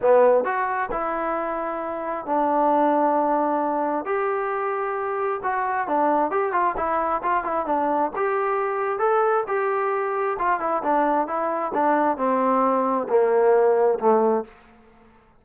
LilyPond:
\new Staff \with { instrumentName = "trombone" } { \time 4/4 \tempo 4 = 133 b4 fis'4 e'2~ | e'4 d'2.~ | d'4 g'2. | fis'4 d'4 g'8 f'8 e'4 |
f'8 e'8 d'4 g'2 | a'4 g'2 f'8 e'8 | d'4 e'4 d'4 c'4~ | c'4 ais2 a4 | }